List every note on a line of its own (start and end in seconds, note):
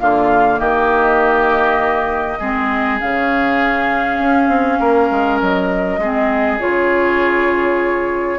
0.00 0.59 D3
0.00 2.40 A#3
0.00 0.59 F4
0.00 0.59 F5
0.59 2.39 D#3
0.59 2.39 G4
0.59 3.00 D#5
2.39 3.01 G#3
2.39 3.01 C4
2.39 4.79 G#4
3.00 4.19 C#3
3.00 6.01 C#4
3.00 5.40 F5
4.19 4.48 C#4
4.48 4.78 C4
4.79 5.10 A#3
4.79 6.00 A#4
5.11 5.41 G#3
5.41 5.98 F#3
5.41 6.60 D#5
5.98 6.58 G#3
5.98 6.60 C4
5.98 8.39 G#4
6.60 8.39 C#3
6.60 8.39 F4
6.60 8.39 C#5